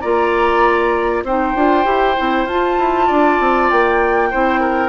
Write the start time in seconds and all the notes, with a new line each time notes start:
0.00 A#3 F4 D5 A#5
1.23 C4 D#4 C5 G5
1.55 D4 F4
1.84 E4 G4
2.17 C4 E4
2.45 F4 A5
2.78 E4
3.07 D4 D5
3.40 C4
3.70 A#3 G5
4.31 C4 E4 C5
4.60 A#4